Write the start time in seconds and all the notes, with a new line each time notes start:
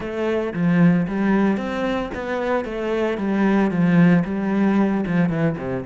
0.00 A3
0.53 F3
1.07 G3
1.57 C4
2.14 B3
2.64 A3
3.17 G3
3.70 F3
4.24 G3
5.06 F3
5.29 E3
5.57 C3